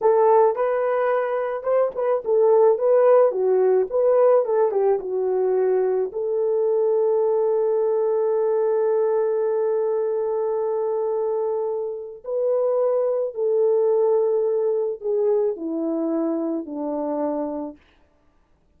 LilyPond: \new Staff \with { instrumentName = "horn" } { \time 4/4 \tempo 4 = 108 a'4 b'2 c''8 b'8 | a'4 b'4 fis'4 b'4 | a'8 g'8 fis'2 a'4~ | a'1~ |
a'1~ | a'2 b'2 | a'2. gis'4 | e'2 d'2 | }